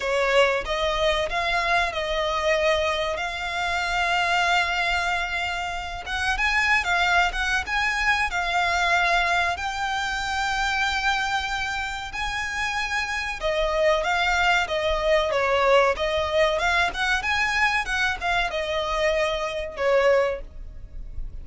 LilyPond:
\new Staff \with { instrumentName = "violin" } { \time 4/4 \tempo 4 = 94 cis''4 dis''4 f''4 dis''4~ | dis''4 f''2.~ | f''4. fis''8 gis''8. f''8. fis''8 | gis''4 f''2 g''4~ |
g''2. gis''4~ | gis''4 dis''4 f''4 dis''4 | cis''4 dis''4 f''8 fis''8 gis''4 | fis''8 f''8 dis''2 cis''4 | }